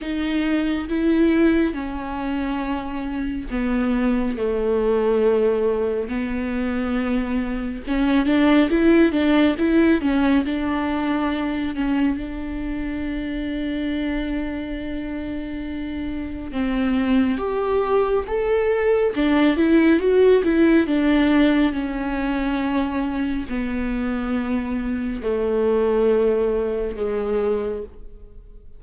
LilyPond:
\new Staff \with { instrumentName = "viola" } { \time 4/4 \tempo 4 = 69 dis'4 e'4 cis'2 | b4 a2 b4~ | b4 cis'8 d'8 e'8 d'8 e'8 cis'8 | d'4. cis'8 d'2~ |
d'2. c'4 | g'4 a'4 d'8 e'8 fis'8 e'8 | d'4 cis'2 b4~ | b4 a2 gis4 | }